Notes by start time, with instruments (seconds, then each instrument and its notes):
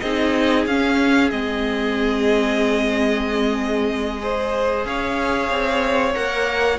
0.00 cello C4, viola D#4, violin G#4 D#5
0.66 cello C#4, viola C#4, violin F5
1.30 cello G#3, viola C4, violin D#5
4.20 viola G#4, violin C5
4.85 cello C#4, violin C#5 F5
5.50 cello C4
6.14 cello A#3, viola A#4, violin F#5